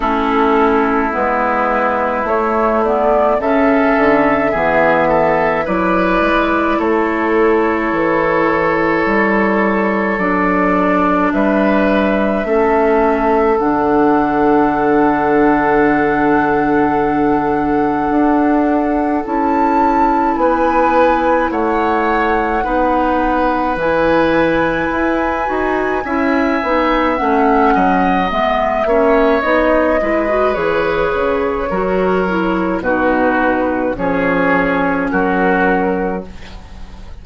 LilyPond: <<
  \new Staff \with { instrumentName = "flute" } { \time 4/4 \tempo 4 = 53 a'4 b'4 cis''8 d''8 e''4~ | e''4 d''4 cis''2~ | cis''4 d''4 e''2 | fis''1~ |
fis''4 a''4 gis''4 fis''4~ | fis''4 gis''2. | fis''4 e''4 dis''4 cis''4~ | cis''4 b'4 cis''4 ais'4 | }
  \new Staff \with { instrumentName = "oboe" } { \time 4/4 e'2. a'4 | gis'8 a'8 b'4 a'2~ | a'2 b'4 a'4~ | a'1~ |
a'2 b'4 cis''4 | b'2. e''4~ | e''8 dis''4 cis''4 b'4. | ais'4 fis'4 gis'4 fis'4 | }
  \new Staff \with { instrumentName = "clarinet" } { \time 4/4 cis'4 b4 a8 b8 cis'4 | b4 e'2.~ | e'4 d'2 cis'4 | d'1~ |
d'4 e'2. | dis'4 e'4. fis'8 e'8 dis'8 | cis'4 b8 cis'8 dis'8 e'16 fis'16 gis'4 | fis'8 e'8 dis'4 cis'2 | }
  \new Staff \with { instrumentName = "bassoon" } { \time 4/4 a4 gis4 a4 cis8 d8 | e4 fis8 gis8 a4 e4 | g4 fis4 g4 a4 | d1 |
d'4 cis'4 b4 a4 | b4 e4 e'8 dis'8 cis'8 b8 | a8 fis8 gis8 ais8 b8 gis8 e8 cis8 | fis4 b,4 f4 fis4 | }
>>